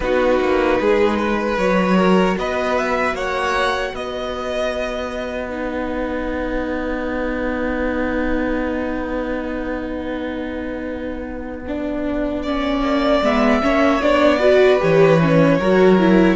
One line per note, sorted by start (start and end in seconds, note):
0.00 0.39 B3
0.00 1.57 D#4
0.00 0.80 F#4
0.00 1.58 B4
0.40 0.79 A#3
0.80 1.57 G#3
0.80 1.18 G#4
1.18 1.97 B4
1.57 2.36 F#3
1.57 5.48 F#4
1.57 2.37 C#5
1.97 2.36 A#4
2.37 3.13 B3
2.37 3.15 B4
2.37 2.78 D#5
2.78 3.16 E5
3.13 3.92 A#3
3.13 3.93 C#5
3.13 3.95 F#5
3.93 12.81 B3
3.93 12.41 B4
3.93 5.52 D#5
5.48 11.60 D#4
5.48 13.22 F#5
11.67 12.46 D4
12.42 13.23 C#4
12.42 13.61 D5
12.81 13.20 A#3
13.22 13.62 G#3
13.22 13.62 B3
13.22 14.01 E5
13.62 14.01 A#3
13.62 14.01 C#4
13.62 14.38 C#5
14.01 14.80 B3
14.01 14.39 D4
14.01 14.80 D5
14.38 14.79 F#4
14.38 15.57 B4
14.79 15.59 E3
14.79 15.18 G4
14.79 16.35 C#5
15.20 15.60 C#4
15.59 16.35 F#3
15.59 15.98 F#4
15.59 16.35 A#4
15.98 16.35 E4